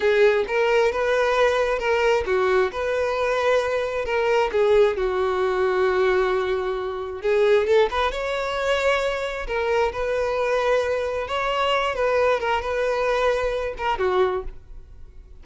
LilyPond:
\new Staff \with { instrumentName = "violin" } { \time 4/4 \tempo 4 = 133 gis'4 ais'4 b'2 | ais'4 fis'4 b'2~ | b'4 ais'4 gis'4 fis'4~ | fis'1 |
gis'4 a'8 b'8 cis''2~ | cis''4 ais'4 b'2~ | b'4 cis''4. b'4 ais'8 | b'2~ b'8 ais'8 fis'4 | }